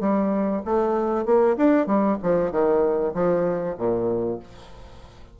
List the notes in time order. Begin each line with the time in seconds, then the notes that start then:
0.00 G3
0.65 A3
1.25 A#3
1.57 D4
1.86 G3
2.22 F3
2.51 D#3
3.14 F3
3.77 A#2